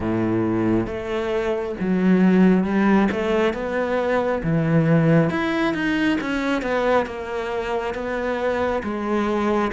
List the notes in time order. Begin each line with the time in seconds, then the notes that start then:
0.00 A2
0.86 A3
1.80 F#3
2.64 G3
3.11 A3
3.53 B3
4.43 E3
5.29 E4
5.74 D#4
6.20 C#4
6.62 B3
7.06 A#3
7.94 B3
8.83 G#3